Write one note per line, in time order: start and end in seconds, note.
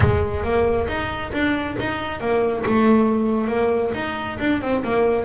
0.00 0.43 G#3
0.43 0.87 A#3
0.88 1.31 D#4
1.32 1.76 D4
1.79 2.20 D#4
2.20 2.64 A#3
2.65 3.47 A3
3.47 3.91 A#3
3.94 4.38 D#4
4.39 4.61 D4
4.61 4.83 C4
4.84 5.25 A#3